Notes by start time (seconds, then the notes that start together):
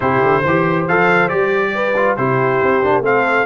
0.00 C3 E4 G4 C5
0.22 D3
0.40 E3 C5
0.47 G4
0.87 F3 A4 F5
1.28 G3 G4 D5
1.74 B4
1.96 F4
2.16 C3 E4 G4 C5
2.62 C4
2.82 A#3 D4
3.01 A3 C4 A4 F5